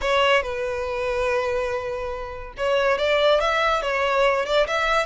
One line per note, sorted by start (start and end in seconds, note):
0.01 0.42 C#5
0.42 2.53 B4
2.57 2.98 C#5
2.98 3.40 D5
3.40 3.82 E5
3.82 4.45 C#5
4.45 4.66 D5
4.67 5.06 E5